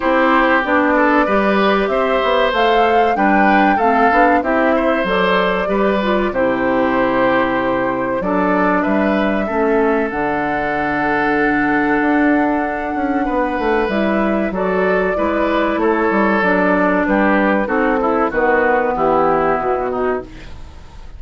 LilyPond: <<
  \new Staff \with { instrumentName = "flute" } { \time 4/4 \tempo 4 = 95 c''4 d''2 e''4 | f''4 g''4 f''4 e''4 | d''2 c''2~ | c''4 d''4 e''2 |
fis''1~ | fis''2 e''4 d''4~ | d''4 cis''4 d''4 b'4 | a'4 b'4 g'4 fis'4 | }
  \new Staff \with { instrumentName = "oboe" } { \time 4/4 g'4. a'8 b'4 c''4~ | c''4 b'4 a'4 g'8 c''8~ | c''4 b'4 g'2~ | g'4 a'4 b'4 a'4~ |
a'1~ | a'4 b'2 a'4 | b'4 a'2 g'4 | fis'8 e'8 fis'4 e'4. dis'8 | }
  \new Staff \with { instrumentName = "clarinet" } { \time 4/4 e'4 d'4 g'2 | a'4 d'4 c'8 d'8 e'4 | a'4 g'8 f'8 e'2~ | e'4 d'2 cis'4 |
d'1~ | d'2 e'4 fis'4 | e'2 d'2 | dis'8 e'8 b2. | }
  \new Staff \with { instrumentName = "bassoon" } { \time 4/4 c'4 b4 g4 c'8 b8 | a4 g4 a8 b8 c'4 | fis4 g4 c2~ | c4 fis4 g4 a4 |
d2. d'4~ | d'8 cis'8 b8 a8 g4 fis4 | gis4 a8 g8 fis4 g4 | c'4 dis4 e4 b,4 | }
>>